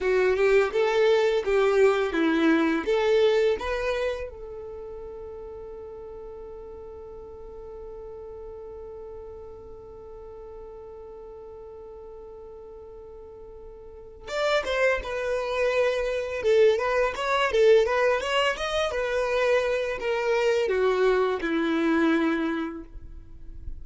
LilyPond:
\new Staff \with { instrumentName = "violin" } { \time 4/4 \tempo 4 = 84 fis'8 g'8 a'4 g'4 e'4 | a'4 b'4 a'2~ | a'1~ | a'1~ |
a'1 | d''8 c''8 b'2 a'8 b'8 | cis''8 a'8 b'8 cis''8 dis''8 b'4. | ais'4 fis'4 e'2 | }